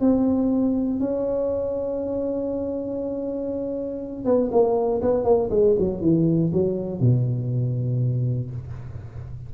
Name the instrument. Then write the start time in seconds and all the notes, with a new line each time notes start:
tuba
0.00 C4
1.00 C#4
4.25 B3
4.51 A#3
5.01 B3
5.24 A#3
5.50 G#3
5.78 F#3
6.01 E3
6.52 F#3
7.00 B2